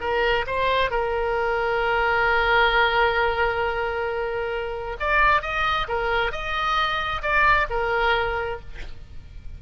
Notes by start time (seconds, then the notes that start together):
0.00 A#4
0.46 C5
0.90 A#4
5.00 D5
5.42 D#5
5.88 A#4
6.32 D#5
7.22 D5
7.70 A#4